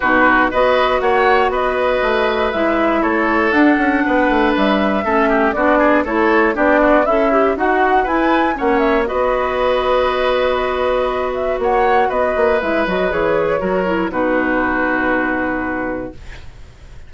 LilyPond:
<<
  \new Staff \with { instrumentName = "flute" } { \time 4/4 \tempo 4 = 119 b'4 dis''4 fis''4 dis''4~ | dis''4 e''4 cis''4 fis''4~ | fis''4 e''2 d''4 | cis''4 d''4 e''4 fis''4 |
gis''4 fis''8 e''8 dis''2~ | dis''2~ dis''8 e''8 fis''4 | dis''4 e''8 dis''8 cis''2 | b'1 | }
  \new Staff \with { instrumentName = "oboe" } { \time 4/4 fis'4 b'4 cis''4 b'4~ | b'2 a'2 | b'2 a'8 g'8 fis'8 gis'8 | a'4 g'8 fis'8 e'4 fis'4 |
b'4 cis''4 b'2~ | b'2. cis''4 | b'2. ais'4 | fis'1 | }
  \new Staff \with { instrumentName = "clarinet" } { \time 4/4 dis'4 fis'2.~ | fis'4 e'2 d'4~ | d'2 cis'4 d'4 | e'4 d'4 a'8 g'8 fis'4 |
e'4 cis'4 fis'2~ | fis'1~ | fis'4 e'8 fis'8 gis'4 fis'8 e'8 | dis'1 | }
  \new Staff \with { instrumentName = "bassoon" } { \time 4/4 b,4 b4 ais4 b4 | a4 gis4 a4 d'8 cis'8 | b8 a8 g4 a4 b4 | a4 b4 cis'4 dis'4 |
e'4 ais4 b2~ | b2. ais4 | b8 ais8 gis8 fis8 e4 fis4 | b,1 | }
>>